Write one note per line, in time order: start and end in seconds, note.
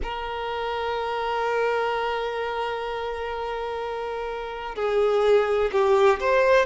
0.03 4.75 A#4
4.75 5.70 G#4
5.71 6.19 G4
6.19 6.65 C5